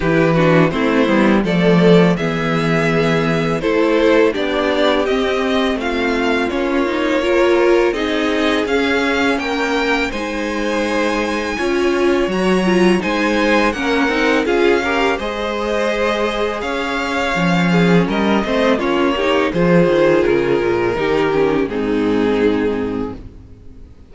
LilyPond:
<<
  \new Staff \with { instrumentName = "violin" } { \time 4/4 \tempo 4 = 83 b'4 c''4 d''4 e''4~ | e''4 c''4 d''4 dis''4 | f''4 cis''2 dis''4 | f''4 g''4 gis''2~ |
gis''4 ais''4 gis''4 fis''4 | f''4 dis''2 f''4~ | f''4 dis''4 cis''4 c''4 | ais'2 gis'2 | }
  \new Staff \with { instrumentName = "violin" } { \time 4/4 g'8 fis'8 e'4 a'4 gis'4~ | gis'4 a'4 g'2 | f'2 ais'4 gis'4~ | gis'4 ais'4 c''2 |
cis''2 c''4 ais'4 | gis'8 ais'8 c''2 cis''4~ | cis''8 gis'8 ais'8 c''8 f'8 g'8 gis'4~ | gis'4 g'4 dis'2 | }
  \new Staff \with { instrumentName = "viola" } { \time 4/4 e'8 d'8 c'8 b8 a4 b4~ | b4 e'4 d'4 c'4~ | c'4 cis'8 dis'8 f'4 dis'4 | cis'2 dis'2 |
f'4 fis'8 f'8 dis'4 cis'8 dis'8 | f'8 g'8 gis'2. | cis'4. c'8 cis'8 dis'8 f'4~ | f'4 dis'8 cis'8 c'2 | }
  \new Staff \with { instrumentName = "cello" } { \time 4/4 e4 a8 g8 f4 e4~ | e4 a4 b4 c'4 | a4 ais2 c'4 | cis'4 ais4 gis2 |
cis'4 fis4 gis4 ais8 c'8 | cis'4 gis2 cis'4 | f4 g8 a8 ais4 f8 dis8 | cis8 ais,8 dis4 gis,2 | }
>>